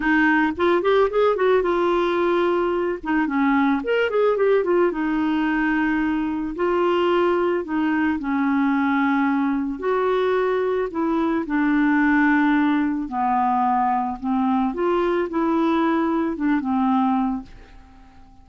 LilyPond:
\new Staff \with { instrumentName = "clarinet" } { \time 4/4 \tempo 4 = 110 dis'4 f'8 g'8 gis'8 fis'8 f'4~ | f'4. dis'8 cis'4 ais'8 gis'8 | g'8 f'8 dis'2. | f'2 dis'4 cis'4~ |
cis'2 fis'2 | e'4 d'2. | b2 c'4 f'4 | e'2 d'8 c'4. | }